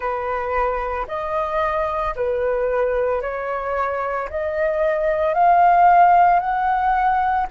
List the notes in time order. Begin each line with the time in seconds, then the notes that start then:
0.00 B4
1.07 D#5
2.15 B4
3.21 C#5
4.29 D#5
5.34 F5
6.39 F#5